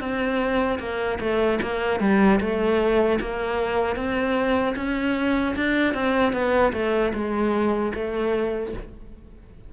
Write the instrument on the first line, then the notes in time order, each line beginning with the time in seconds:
cello
0.00 C4
0.79 A#3
1.20 A3
1.63 A#3
2.00 G3
2.40 A3
3.20 A#3
3.96 C4
4.76 C#4
5.56 D4
5.94 C4
6.33 B3
6.73 A3
7.14 G#3
7.94 A3